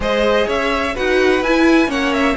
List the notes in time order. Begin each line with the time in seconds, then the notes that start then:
0.00 G#3 G#4 C5 D#5
0.46 C#4 C#5 E5
0.94 D#4 F#4 B4 F#5
1.41 E4 G#5
1.87 A#3 C#4 C#5 F#5
2.13 E5